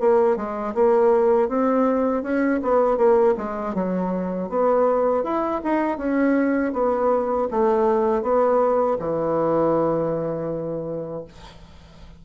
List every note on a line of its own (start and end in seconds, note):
0.00 0.36 A#3
0.36 0.74 G#3
0.74 1.48 A#3
1.48 2.23 C4
2.23 2.60 C#4
2.62 2.97 B3
2.97 3.34 A#3
3.37 3.74 G#3
3.74 4.49 F#3
4.49 5.24 B3
5.24 5.61 E4
5.64 5.98 D#4
5.98 6.73 C#4
6.73 7.48 B3
7.51 8.22 A3
8.22 8.97 B3
8.99 11.24 E3